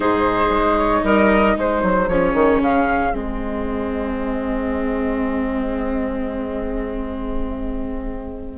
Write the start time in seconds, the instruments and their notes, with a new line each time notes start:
0.00 bassoon G#2, viola D#4, clarinet G#4, flute C5
0.49 bassoon G#3
0.78 flute C#5
1.03 bassoon G3, clarinet A#4, flute D#5
1.56 bassoon G#3, clarinet G#4, flute C5
1.82 bassoon F#3
2.08 bassoon F3, viola C#4, flute C#5
2.33 bassoon D#3
2.60 bassoon C#3, flute F5
3.12 bassoon G#3, viola C4, flute D#5